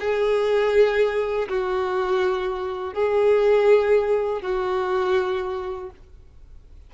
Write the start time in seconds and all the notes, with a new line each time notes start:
0.00 G#4
1.48 F#4
2.94 G#4
4.42 F#4